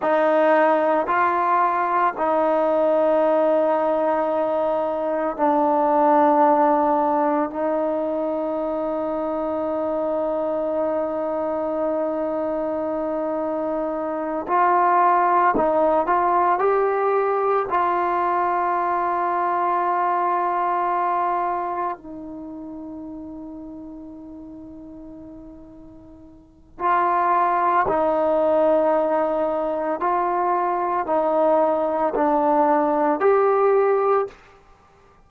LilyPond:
\new Staff \with { instrumentName = "trombone" } { \time 4/4 \tempo 4 = 56 dis'4 f'4 dis'2~ | dis'4 d'2 dis'4~ | dis'1~ | dis'4. f'4 dis'8 f'8 g'8~ |
g'8 f'2.~ f'8~ | f'8 dis'2.~ dis'8~ | dis'4 f'4 dis'2 | f'4 dis'4 d'4 g'4 | }